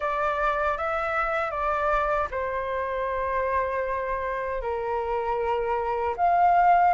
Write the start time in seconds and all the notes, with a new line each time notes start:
0.00 D5
0.77 E5
1.50 D5
2.30 C5
4.61 A#4
6.16 F5